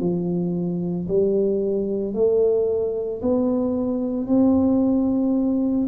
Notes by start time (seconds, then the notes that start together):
0.00 F3
1.08 G3
2.14 A3
3.22 B3
4.27 C4